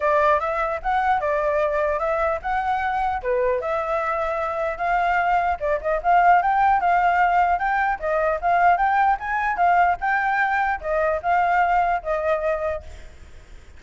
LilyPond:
\new Staff \with { instrumentName = "flute" } { \time 4/4 \tempo 4 = 150 d''4 e''4 fis''4 d''4~ | d''4 e''4 fis''2 | b'4 e''2. | f''2 d''8 dis''8 f''4 |
g''4 f''2 g''4 | dis''4 f''4 g''4 gis''4 | f''4 g''2 dis''4 | f''2 dis''2 | }